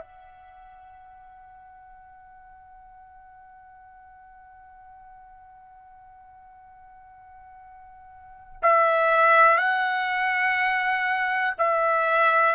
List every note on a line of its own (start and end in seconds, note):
0.00 8.61 F#5
8.62 9.58 E5
9.58 11.54 F#5
11.58 12.55 E5